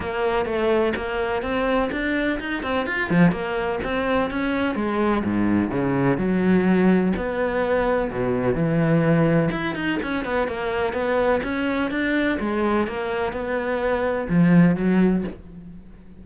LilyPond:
\new Staff \with { instrumentName = "cello" } { \time 4/4 \tempo 4 = 126 ais4 a4 ais4 c'4 | d'4 dis'8 c'8 f'8 f8 ais4 | c'4 cis'4 gis4 gis,4 | cis4 fis2 b4~ |
b4 b,4 e2 | e'8 dis'8 cis'8 b8 ais4 b4 | cis'4 d'4 gis4 ais4 | b2 f4 fis4 | }